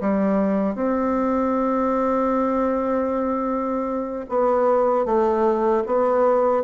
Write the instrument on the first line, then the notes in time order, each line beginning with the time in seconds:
bassoon
0.00 G3
0.75 C4
4.29 B3
5.05 A3
5.86 B3